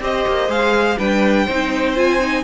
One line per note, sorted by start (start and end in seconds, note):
0.00 0.24 C4
0.00 0.49 G4
0.00 0.98 C5
0.00 0.51 D#5
0.27 0.48 A#3
0.48 0.96 G#3
0.48 0.97 G#4
0.48 0.98 F5
0.98 1.47 G3
0.98 1.47 D4
0.98 1.45 B4
0.98 1.96 G5
1.45 2.44 C4
1.45 1.95 D#4
1.45 2.43 C5
1.95 2.19 F4
1.95 2.44 G#5
2.19 2.44 D#4